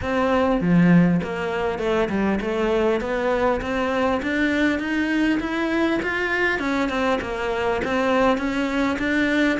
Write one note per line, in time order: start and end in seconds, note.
0.01 0.60 C4
0.60 1.20 F3
1.23 1.78 A#3
1.78 2.08 A3
2.09 2.39 G3
2.40 3.00 A3
3.01 3.61 B3
3.61 4.21 C4
4.22 4.79 D4
4.79 5.39 D#4
5.40 6.00 E4
6.02 6.59 F4
6.59 6.89 C#4
6.89 7.19 C4
7.21 7.81 A#3
7.84 8.37 C4
8.37 8.97 C#4
8.98 9.58 D4